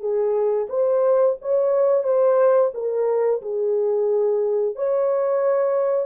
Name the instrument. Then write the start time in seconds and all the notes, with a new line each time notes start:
horn
0.00 G#4
0.69 C5
1.42 C#5
2.03 C5
2.74 A#4
3.42 G#4
4.76 C#5